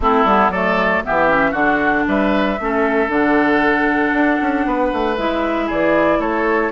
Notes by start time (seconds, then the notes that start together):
0.00 A3 C4 E4 A4
0.24 G3 B3
0.49 F#3 A3 A4 D5
1.04 E3 B3 G4 E5
1.28 C#4
1.51 D3 D4 F#4 F#5
2.07 G3 B4 E5
2.59 A3 C#4 A4
3.09 D3 D4 F#5
4.12 D4
4.41 C#4
4.65 B3 B4
4.92 A3
5.17 G#3 E4 E5
5.66 E3 G#4 D5
6.19 A3 A4 C#5